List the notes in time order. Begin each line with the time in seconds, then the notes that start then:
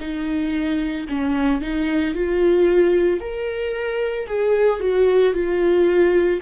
0.00 D#4
1.09 C#4
1.61 D#4
2.14 F4
3.21 A#4
4.27 G#4
4.80 F#4
5.34 F4